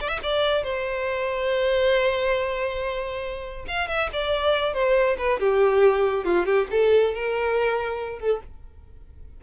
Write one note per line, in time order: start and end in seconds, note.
0.00 0.08 D5
0.08 0.19 E5
0.22 0.63 D5
0.63 3.65 C5
3.67 3.88 F5
3.88 4.09 E5
4.12 4.73 D5
4.73 5.16 C5
5.18 5.39 B4
5.39 6.24 G4
6.24 6.45 F4
6.45 6.67 G4
6.71 7.14 A4
7.14 8.19 A#4
8.19 8.40 A4